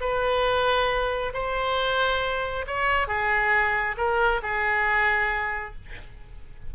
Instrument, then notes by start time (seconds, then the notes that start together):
oboe
0.00 B4
1.33 C5
2.67 C#5
3.07 G#4
3.97 A#4
4.42 G#4